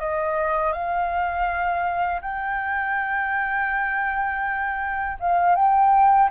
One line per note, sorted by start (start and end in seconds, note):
0.00 0.73 D#5
0.73 2.21 F5
2.22 5.18 G5
5.21 5.56 F5
5.56 6.30 G5